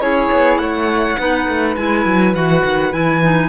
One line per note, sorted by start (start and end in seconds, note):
0.00 0.30 C#4
0.00 1.18 E4
0.00 0.60 G#4
0.00 0.58 C#5
0.32 0.59 B3
0.58 1.17 A3
0.58 1.19 C#5
0.58 1.75 F#5
1.18 1.47 B3
1.18 1.77 D#4
1.18 3.49 B4
1.48 1.76 A3
1.75 2.05 G#3
1.75 2.34 E4
1.75 2.33 G#5
2.05 2.34 F#3
2.34 2.63 E3
2.34 2.92 F#4
2.34 2.93 F#5
2.64 2.93 D#3
2.92 3.49 E3
2.92 3.21 E4
2.92 3.49 G#5
3.23 3.49 D#4